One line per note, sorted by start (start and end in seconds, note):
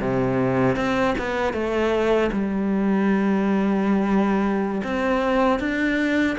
0.00 0.76 C3
0.76 1.14 C4
1.18 1.53 B3
1.53 2.30 A3
2.32 4.82 G3
4.83 5.59 C4
5.59 6.36 D4